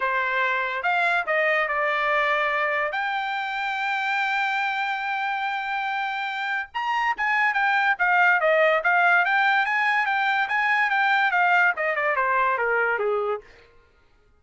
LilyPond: \new Staff \with { instrumentName = "trumpet" } { \time 4/4 \tempo 4 = 143 c''2 f''4 dis''4 | d''2. g''4~ | g''1~ | g''1 |
ais''4 gis''4 g''4 f''4 | dis''4 f''4 g''4 gis''4 | g''4 gis''4 g''4 f''4 | dis''8 d''8 c''4 ais'4 gis'4 | }